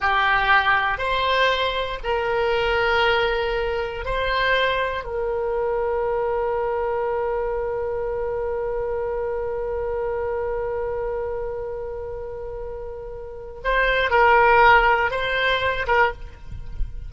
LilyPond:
\new Staff \with { instrumentName = "oboe" } { \time 4/4 \tempo 4 = 119 g'2 c''2 | ais'1 | c''2 ais'2~ | ais'1~ |
ais'1~ | ais'1~ | ais'2. c''4 | ais'2 c''4. ais'8 | }